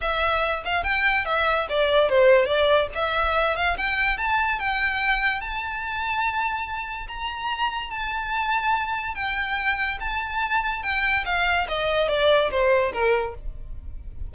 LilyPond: \new Staff \with { instrumentName = "violin" } { \time 4/4 \tempo 4 = 144 e''4. f''8 g''4 e''4 | d''4 c''4 d''4 e''4~ | e''8 f''8 g''4 a''4 g''4~ | g''4 a''2.~ |
a''4 ais''2 a''4~ | a''2 g''2 | a''2 g''4 f''4 | dis''4 d''4 c''4 ais'4 | }